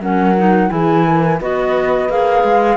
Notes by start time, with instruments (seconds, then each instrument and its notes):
0.00 cello F#3, clarinet C#4, horn A#4, flute F#5
0.37 clarinet D#4
0.68 cello E3, clarinet E4, horn G#4, flute G#5
1.07 horn A#4
1.38 cello B3, clarinet F#4, horn B4, flute D#5
2.09 cello A#3, clarinet G#4, flute F5
2.43 cello G#3